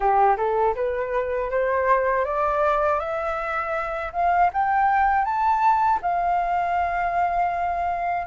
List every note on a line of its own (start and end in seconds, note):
0.00 0.36 G4
0.37 0.74 A4
0.75 1.50 B4
1.50 2.24 C5
2.24 2.99 D5
2.99 4.11 E5
4.12 4.50 F5
4.53 5.24 G5
5.24 5.99 A5
6.01 8.26 F5